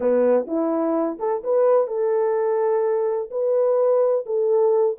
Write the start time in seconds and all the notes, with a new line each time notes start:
0.00 B3
0.47 E4
1.19 A4
1.43 B4
1.87 A4
3.30 B4
4.25 A4